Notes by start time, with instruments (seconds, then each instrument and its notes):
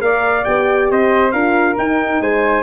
0.00 tuba A#3, horn A#4, flute D5, trumpet F5
0.45 tuba B3, horn G4, trumpet G5
0.91 tuba C4, flute C5, trumpet D#5
1.32 tuba D4, horn F4, flute A#4, trumpet F5
1.77 horn D#4, tuba D#4, trumpet G5
2.21 tuba G#3, flute C5, trumpet G#5